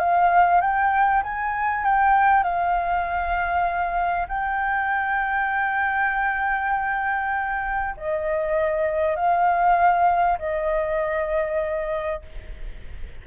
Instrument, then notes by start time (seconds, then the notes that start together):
flute
0.00 F5
0.62 G5
1.24 G#5
1.85 G5
2.44 F5
4.29 G5
7.98 D#5
9.16 F5
10.39 D#5